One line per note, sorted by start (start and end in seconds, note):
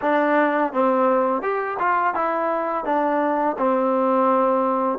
0.01 0.72 D4
0.72 1.42 C4
1.42 1.77 G4
1.79 2.14 F4
2.14 2.84 E4
2.84 3.56 D4
3.58 4.98 C4